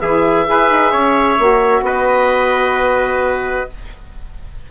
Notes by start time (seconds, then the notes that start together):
0.00 E3 E4 G#4 E5
0.45 E4 G#4 B4
0.70 D#4
0.91 C#4 C#5
1.38 A#3 F#4
1.81 B3 B4 D#5